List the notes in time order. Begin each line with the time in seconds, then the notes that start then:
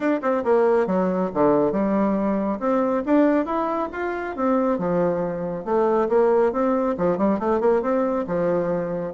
0.00 D4
0.22 C4
0.44 A#3
0.87 F#3
1.34 D3
1.72 G3
2.59 C4
3.05 D4
3.45 E4
3.92 F4
4.36 C4
4.78 F3
5.64 A3
6.08 A#3
6.52 C4
6.97 F3
7.17 G3
7.39 A3
7.60 A#3
7.82 C4
8.27 F3